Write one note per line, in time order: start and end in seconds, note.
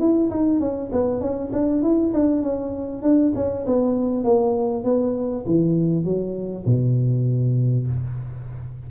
0.00 0.30 E4
0.31 0.60 D#4
0.60 0.91 C#4
0.93 1.21 B3
1.21 1.52 C#4
1.53 1.83 D4
1.83 2.13 E4
2.14 2.43 D4
2.43 3.03 C#4
3.03 3.33 D4
3.36 3.66 C#4
3.67 4.25 B3
4.25 4.84 A#3
4.84 5.45 B3
5.46 6.05 E3
6.05 6.65 F#3
6.66 7.87 B2